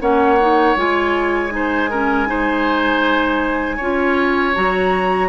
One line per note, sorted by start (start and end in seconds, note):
0.00 0.75 A#3
0.00 0.38 C#4
0.00 1.53 C#5
0.00 0.77 F#5
0.40 0.77 D#4
0.75 3.79 G#3
0.75 1.50 F4
0.75 4.55 G#5
1.50 1.87 D#4
1.50 1.90 C5
1.90 2.26 C#4
1.90 2.28 A#4
2.26 3.78 D#4
2.26 3.76 C5
3.76 4.55 C#4
3.76 4.54 F4
3.76 5.28 C#5
4.54 5.29 F#3
4.54 5.29 F#4
4.54 5.29 A#5